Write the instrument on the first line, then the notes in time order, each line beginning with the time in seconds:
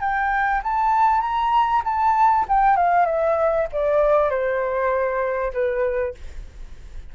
flute
0.00 G5
0.63 A5
1.21 A#5
1.85 A5
2.48 G5
2.77 F5
3.06 E5
3.72 D5
4.30 C5
5.53 B4